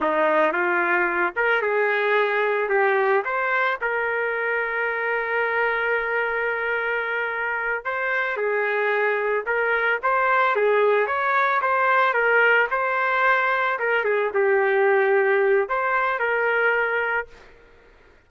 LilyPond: \new Staff \with { instrumentName = "trumpet" } { \time 4/4 \tempo 4 = 111 dis'4 f'4. ais'8 gis'4~ | gis'4 g'4 c''4 ais'4~ | ais'1~ | ais'2~ ais'8 c''4 gis'8~ |
gis'4. ais'4 c''4 gis'8~ | gis'8 cis''4 c''4 ais'4 c''8~ | c''4. ais'8 gis'8 g'4.~ | g'4 c''4 ais'2 | }